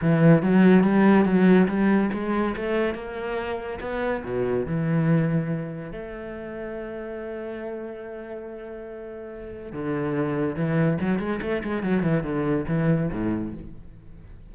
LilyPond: \new Staff \with { instrumentName = "cello" } { \time 4/4 \tempo 4 = 142 e4 fis4 g4 fis4 | g4 gis4 a4 ais4~ | ais4 b4 b,4 e4~ | e2 a2~ |
a1~ | a2. d4~ | d4 e4 fis8 gis8 a8 gis8 | fis8 e8 d4 e4 a,4 | }